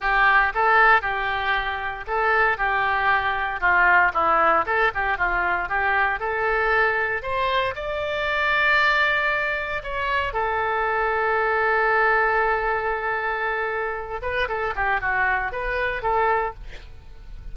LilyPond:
\new Staff \with { instrumentName = "oboe" } { \time 4/4 \tempo 4 = 116 g'4 a'4 g'2 | a'4 g'2 f'4 | e'4 a'8 g'8 f'4 g'4 | a'2 c''4 d''4~ |
d''2. cis''4 | a'1~ | a'2.~ a'8 b'8 | a'8 g'8 fis'4 b'4 a'4 | }